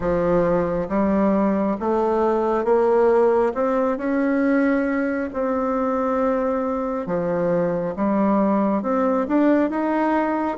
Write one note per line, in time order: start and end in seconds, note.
0.00 0.88 F3
0.88 1.76 G3
1.79 2.64 A3
2.64 3.53 A#3
3.54 3.97 C4
3.97 5.29 C#4
5.33 7.06 C4
7.06 7.94 F3
7.96 8.82 G3
8.82 9.26 C4
9.28 9.70 D4
9.70 10.57 D#4